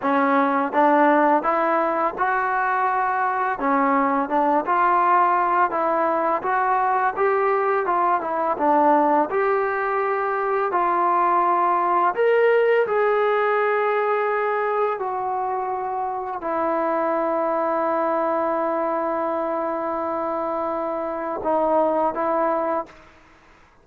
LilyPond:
\new Staff \with { instrumentName = "trombone" } { \time 4/4 \tempo 4 = 84 cis'4 d'4 e'4 fis'4~ | fis'4 cis'4 d'8 f'4. | e'4 fis'4 g'4 f'8 e'8 | d'4 g'2 f'4~ |
f'4 ais'4 gis'2~ | gis'4 fis'2 e'4~ | e'1~ | e'2 dis'4 e'4 | }